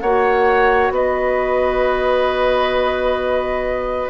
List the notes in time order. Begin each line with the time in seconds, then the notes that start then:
0.00 A#3 F#4 C#5 F#5
0.90 B3 B4 D#5